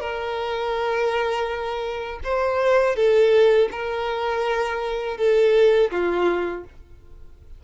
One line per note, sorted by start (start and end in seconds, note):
0.00 2.20 A#4
2.24 2.96 C5
2.96 3.69 A4
3.71 5.17 A#4
5.17 5.90 A4
5.91 6.64 F4